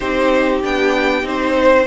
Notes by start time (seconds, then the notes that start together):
0.00 C4 D#4 G4 C5
0.63 B3 D4 G5
1.23 C4 D#4 C5
1.57 C5